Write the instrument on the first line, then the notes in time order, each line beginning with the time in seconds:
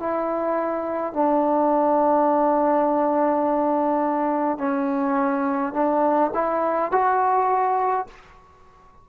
trombone
0.00 E4
1.14 D4
4.58 C#4
5.74 D4
6.34 E4
6.92 F#4